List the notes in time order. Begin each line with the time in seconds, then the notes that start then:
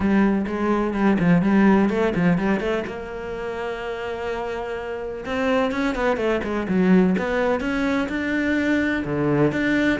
0.00 G3
0.47 G#3
0.94 G3
1.19 F3
1.42 G3
1.89 A3
2.15 F3
2.37 G3
2.60 A3
2.86 A#3
5.25 C4
5.71 C#4
5.95 B3
6.16 A3
6.43 G#3
6.68 F#3
7.18 B3
7.60 C#4
8.08 D4
9.05 D3
9.52 D4